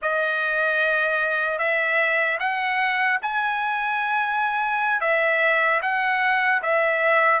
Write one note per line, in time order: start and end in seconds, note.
0.02 1.58 D#5
1.58 2.38 E5
2.39 3.19 F#5
3.21 5.00 G#5
5.00 5.80 E5
5.81 6.61 F#5
6.62 7.40 E5